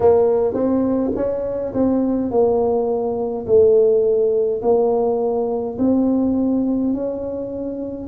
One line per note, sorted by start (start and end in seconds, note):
0.00 0.53 A#3
0.53 1.11 C4
1.15 1.73 C#4
1.73 2.30 C4
2.30 3.46 A#3
3.46 4.62 A3
4.62 5.77 A#3
5.78 6.93 C4
6.93 8.07 C#4